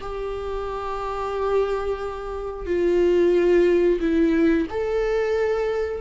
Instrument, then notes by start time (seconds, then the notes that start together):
viola
0.00 G4
2.66 F4
4.00 E4
4.70 A4